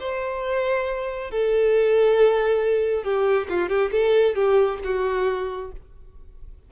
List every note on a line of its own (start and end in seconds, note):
0.00 1.31 C5
1.31 3.04 A4
3.04 3.48 G4
3.49 3.69 F4
3.69 3.91 G4
3.92 4.35 A4
4.35 4.79 G4
4.84 5.72 F#4